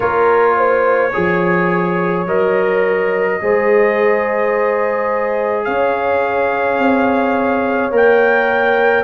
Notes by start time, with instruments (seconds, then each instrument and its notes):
0.00 tuba A#3, trombone F4, horn A#4, trumpet C#5
0.57 horn C5
1.09 trombone G#4, horn C#5
1.16 tuba F3
2.26 tuba F#3, trombone A#4, trumpet D#5
3.40 tuba G#3, trombone G#4, horn C5
5.64 tuba C#4, horn C#5, trumpet F5
6.78 tuba C4
7.90 tuba A#3, trombone A#4, trumpet G5